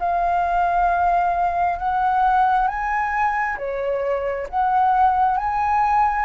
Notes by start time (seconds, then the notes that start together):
0.00 F5
1.80 F#5
2.68 G#5
3.58 C#5
4.49 F#5
5.38 G#5